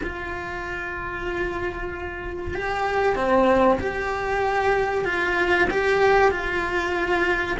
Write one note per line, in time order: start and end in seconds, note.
0.03 2.54 F4
2.54 3.15 G4
3.15 3.78 C4
3.79 5.04 G4
5.04 5.68 F4
5.70 6.31 G4
6.31 7.57 F4